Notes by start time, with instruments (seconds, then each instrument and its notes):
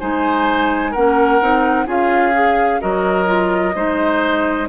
0.00 bassoon G#3, clarinet D#4, oboe C5, flute G#5
0.92 bassoon A#3, clarinet C#4, oboe A#4, flute F#5
1.41 bassoon C4, clarinet D#4
1.86 bassoon C#4, clarinet F4, oboe G#4, flute F5
2.34 clarinet G#4
2.81 bassoon F#3, clarinet F#4, oboe A#4, flute D#5
3.26 clarinet F4
3.75 bassoon G#3, clarinet D#4, oboe C5